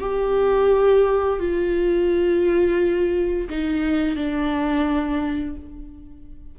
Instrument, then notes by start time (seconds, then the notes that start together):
viola
0.00 G4
1.40 F4
3.49 D#4
4.16 D4